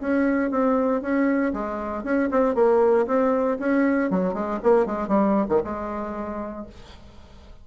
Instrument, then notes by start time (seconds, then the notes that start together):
bassoon
0.00 C#4
0.51 C4
1.01 C#4
1.53 G#3
2.03 C#4
2.31 C4
2.55 A#3
3.07 C4
3.59 C#4
4.10 F#3
4.34 G#3
4.63 A#3
4.86 G#3
5.08 G3
5.49 D#3
5.64 G#3